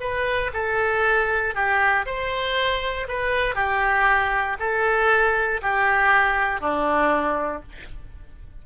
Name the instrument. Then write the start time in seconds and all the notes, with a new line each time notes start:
oboe
0.00 B4
0.53 A4
1.54 G4
2.06 C5
3.08 B4
3.55 G4
4.59 A4
5.62 G4
6.61 D4